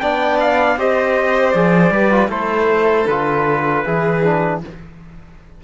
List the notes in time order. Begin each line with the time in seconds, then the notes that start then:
0.00 B3 D4 D5 G5
0.41 F5
0.77 C4 G4 C5 D#5
1.51 F3 G#4 D5
1.91 G3 G4 B4
2.12 F4
2.29 A3 E4 A4 C5
3.07 D3 F4 B4
3.84 E3 E4 G#4
4.24 D4